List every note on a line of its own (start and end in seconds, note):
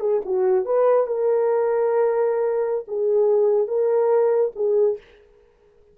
0.00 0.21 G#4
0.25 0.65 F#4
0.65 1.07 B4
1.07 2.85 A#4
2.88 3.68 G#4
3.68 4.52 A#4
4.56 4.98 G#4